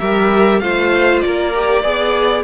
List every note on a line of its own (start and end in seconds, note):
0.00 0.61 G3
0.00 0.62 G4
0.00 0.61 A#4
0.00 0.60 E5
0.60 1.22 A3
0.60 1.54 F4
0.60 1.24 C5
0.60 1.20 F5
1.20 2.42 D5
1.26 1.84 A#3
1.26 1.82 A#4
1.55 1.84 G4
1.82 2.44 B3
1.82 2.44 G#4
1.82 2.44 D5